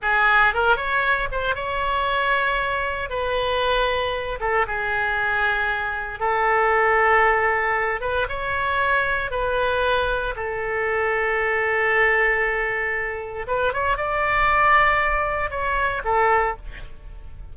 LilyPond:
\new Staff \with { instrumentName = "oboe" } { \time 4/4 \tempo 4 = 116 gis'4 ais'8 cis''4 c''8 cis''4~ | cis''2 b'2~ | b'8 a'8 gis'2. | a'2.~ a'8 b'8 |
cis''2 b'2 | a'1~ | a'2 b'8 cis''8 d''4~ | d''2 cis''4 a'4 | }